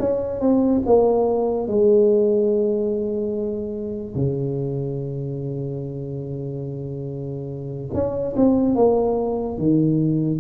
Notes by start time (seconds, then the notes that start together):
0.00 C#4
0.41 C4
0.86 A#3
1.68 G#3
4.15 C#3
7.94 C#4
8.37 C4
8.75 A#3
9.58 D#3